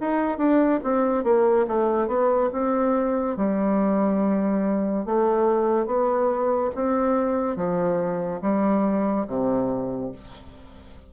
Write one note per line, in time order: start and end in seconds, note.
0.00 0.37 D#4
0.37 0.80 D4
0.83 1.24 C4
1.24 1.66 A#3
1.67 2.07 A3
2.07 2.50 B3
2.52 3.36 C4
3.36 5.05 G3
5.05 5.86 A3
5.86 6.71 B3
6.75 7.56 C4
7.56 8.40 F3
8.41 9.26 G3
9.27 10.11 C3